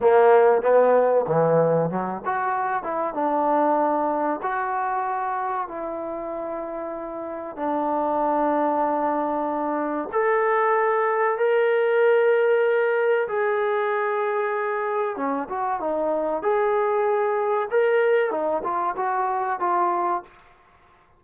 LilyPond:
\new Staff \with { instrumentName = "trombone" } { \time 4/4 \tempo 4 = 95 ais4 b4 e4 fis8 fis'8~ | fis'8 e'8 d'2 fis'4~ | fis'4 e'2. | d'1 |
a'2 ais'2~ | ais'4 gis'2. | cis'8 fis'8 dis'4 gis'2 | ais'4 dis'8 f'8 fis'4 f'4 | }